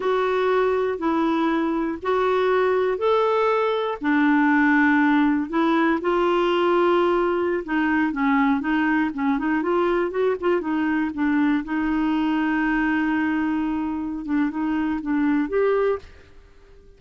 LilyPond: \new Staff \with { instrumentName = "clarinet" } { \time 4/4 \tempo 4 = 120 fis'2 e'2 | fis'2 a'2 | d'2. e'4 | f'2.~ f'16 dis'8.~ |
dis'16 cis'4 dis'4 cis'8 dis'8 f'8.~ | f'16 fis'8 f'8 dis'4 d'4 dis'8.~ | dis'1~ | dis'8 d'8 dis'4 d'4 g'4 | }